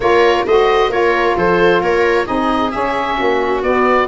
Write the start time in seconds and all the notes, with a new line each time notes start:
0.00 A#3 F4 A#4 C#5
0.46 A3 F#4 C5 D#5
0.89 A#3 F4 A#4 C#5
1.36 F3 A4 C5
1.81 A#3 A#4 C#5
2.25 C4 D#4 G#4 D#5
2.71 C#4 E5
3.17 A#3 F#4
3.62 B3 D5